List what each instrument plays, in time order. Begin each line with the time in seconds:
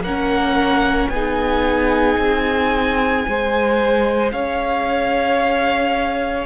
0.00 cello A#3, viola C#4, violin A#4 F#5
1.08 cello B3, viola D#4, violin G#4 G#5
2.17 cello C4
3.25 cello G#3, viola G#4, violin C5
4.31 cello C#4, violin C#5 F5